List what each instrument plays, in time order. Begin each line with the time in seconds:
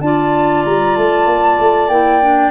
0.00 tuba D4, clarinet F4 D5, flute A5
0.64 tuba G3, flute A#5
0.95 tuba A3, flute A5
1.26 tuba A#3
1.59 tuba A3
1.88 tuba A#3, clarinet E4, flute G5
2.21 clarinet D4